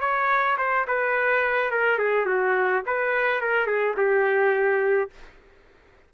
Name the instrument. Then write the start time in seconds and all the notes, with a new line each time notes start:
trumpet
0.00 C#5
0.58 C5
0.87 B4
1.71 A#4
1.98 G#4
2.26 F#4
2.86 B4
3.41 A#4
3.66 G#4
3.97 G4